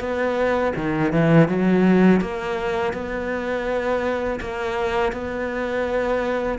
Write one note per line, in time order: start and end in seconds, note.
0.00 0.73 B3
0.76 1.12 D#3
1.12 1.49 E3
1.49 2.21 F#3
2.21 2.93 A#3
2.93 4.40 B3
4.40 5.12 A#3
5.12 6.59 B3